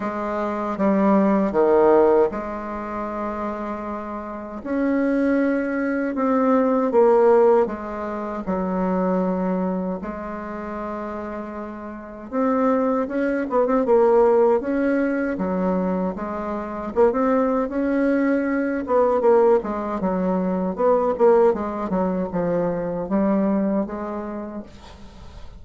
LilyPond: \new Staff \with { instrumentName = "bassoon" } { \time 4/4 \tempo 4 = 78 gis4 g4 dis4 gis4~ | gis2 cis'2 | c'4 ais4 gis4 fis4~ | fis4 gis2. |
c'4 cis'8 b16 c'16 ais4 cis'4 | fis4 gis4 ais16 c'8. cis'4~ | cis'8 b8 ais8 gis8 fis4 b8 ais8 | gis8 fis8 f4 g4 gis4 | }